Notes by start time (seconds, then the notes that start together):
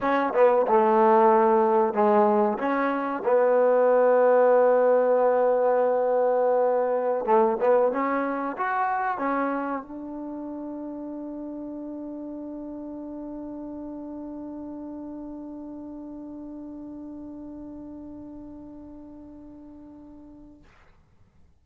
0.01 C#4
0.34 B3
0.67 A3
1.93 G#3
2.58 C#4
3.25 B3
7.25 A3
7.60 B3
7.92 C#4
8.57 F#4
9.18 C#4
9.82 D4